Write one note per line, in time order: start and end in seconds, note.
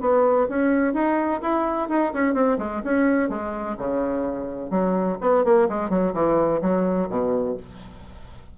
0.00 0.47 B3
0.49 0.93 C#4
0.93 1.40 D#4
1.41 1.89 E4
1.89 2.12 D#4
2.13 2.34 C#4
2.34 2.57 C4
2.58 2.82 G#3
2.84 3.29 C#4
3.29 3.76 G#3
3.78 4.70 C#3
4.70 5.17 F#3
5.20 5.44 B3
5.44 5.68 A#3
5.68 5.89 G#3
5.89 6.13 F#3
6.13 6.61 E3
6.61 7.09 F#3
7.09 7.56 B2